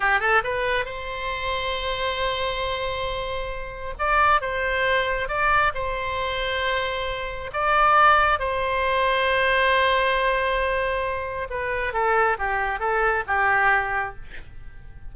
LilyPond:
\new Staff \with { instrumentName = "oboe" } { \time 4/4 \tempo 4 = 136 g'8 a'8 b'4 c''2~ | c''1~ | c''4 d''4 c''2 | d''4 c''2.~ |
c''4 d''2 c''4~ | c''1~ | c''2 b'4 a'4 | g'4 a'4 g'2 | }